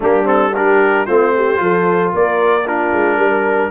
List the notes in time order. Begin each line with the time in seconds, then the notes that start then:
0.00 G3 A#3 D4 G4
0.24 C4 A4
0.54 D4 G4 A#4
1.06 A3 C4 F4 C5
1.36 G4
1.55 F3 F4 A4
2.13 A#3 A#4 D5
2.66 D4 F4 A#4
2.92 G#3
3.17 G3 A#4